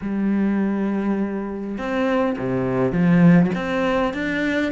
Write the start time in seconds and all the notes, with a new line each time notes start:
0.01 G3
1.78 C4
2.38 C3
2.91 F3
3.55 C4
4.13 D4